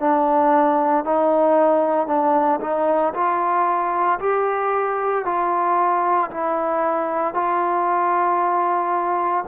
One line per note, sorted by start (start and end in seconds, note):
0.00 1.05 D4
1.05 2.07 D#4
2.07 2.60 D4
2.61 3.13 D#4
3.14 4.19 F4
4.20 5.25 G4
5.25 6.31 F4
6.31 7.34 E4
7.34 9.45 F4